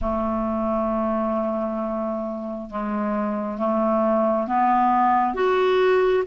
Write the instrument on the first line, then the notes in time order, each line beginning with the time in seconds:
clarinet
0.01 A3
2.69 G#3
3.58 A3
4.47 B3
5.34 F#4